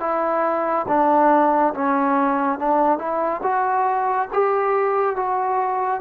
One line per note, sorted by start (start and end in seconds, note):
0.00 0.86 E4
0.88 1.74 D4
1.74 2.59 C#4
2.59 2.98 D4
2.98 3.41 E4
3.42 4.28 F#4
4.33 5.16 G4
5.16 6.01 F#4